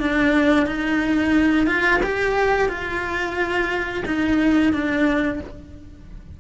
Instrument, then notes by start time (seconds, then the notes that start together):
cello
0.00 D4
0.67 D#4
1.67 F4
2.03 G4
2.69 F4
4.06 D#4
4.73 D4